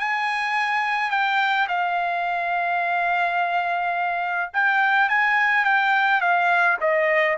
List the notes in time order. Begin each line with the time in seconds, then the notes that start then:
0.00 G#5
1.11 G5
1.69 F5
4.54 G5
5.09 G#5
5.65 G5
6.21 F5
6.81 D#5